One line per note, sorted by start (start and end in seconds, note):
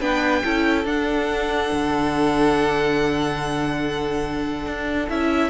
0.00 0.43 B3
0.00 0.43 D4
0.00 0.42 B4
0.00 0.86 G5
0.45 0.85 C#4
0.45 0.86 E4
0.45 5.50 A4
0.85 1.69 D4
0.85 5.09 D4
0.85 5.09 F#5
1.73 4.66 D3
4.66 5.09 D4
5.09 5.50 C#4
5.09 5.50 E4
5.09 5.50 E5